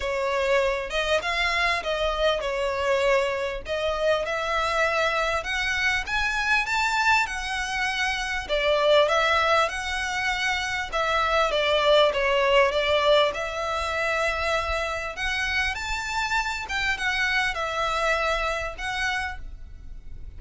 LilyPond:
\new Staff \with { instrumentName = "violin" } { \time 4/4 \tempo 4 = 99 cis''4. dis''8 f''4 dis''4 | cis''2 dis''4 e''4~ | e''4 fis''4 gis''4 a''4 | fis''2 d''4 e''4 |
fis''2 e''4 d''4 | cis''4 d''4 e''2~ | e''4 fis''4 a''4. g''8 | fis''4 e''2 fis''4 | }